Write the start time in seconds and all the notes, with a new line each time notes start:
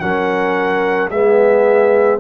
0.00 F#3 C#4 A#4 F#5
1.10 G#3 B3 G#4 E5